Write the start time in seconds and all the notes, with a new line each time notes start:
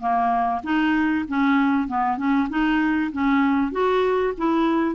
0.00 A#3
0.64 D#4
1.28 C#4
1.88 B3
2.18 C#4
2.50 D#4
3.12 C#4
3.72 F#4
4.38 E4